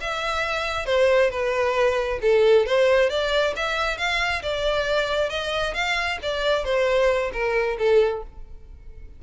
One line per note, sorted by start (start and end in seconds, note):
0.00 0.86 E5
0.86 1.30 C5
1.30 2.19 B4
2.21 2.66 A4
2.66 3.09 C5
3.09 3.54 D5
3.56 3.97 E5
3.97 4.42 F5
4.42 5.29 D5
5.29 5.74 D#5
5.74 6.18 F5
6.22 6.64 D5
6.64 7.31 C5
7.33 7.77 A#4
7.78 8.23 A4